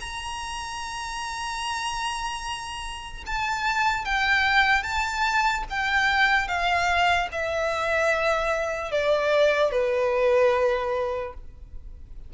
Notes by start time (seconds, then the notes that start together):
0.00 A#5
3.26 A5
4.05 G5
4.83 A5
5.70 G5
6.48 F5
7.32 E5
8.92 D5
9.71 B4